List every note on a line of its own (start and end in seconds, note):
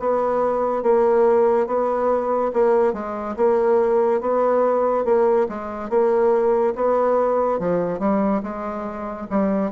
0.00 0.83 B3
0.83 1.67 A#3
1.67 2.52 B3
2.54 2.94 A#3
2.94 3.36 G#3
3.37 4.21 A#3
4.21 5.05 B3
5.05 5.47 A#3
5.49 5.90 G#3
5.90 6.75 A#3
6.76 7.59 B3
7.59 8.00 F3
8.00 8.42 G3
8.43 9.28 G#3
9.31 9.72 G3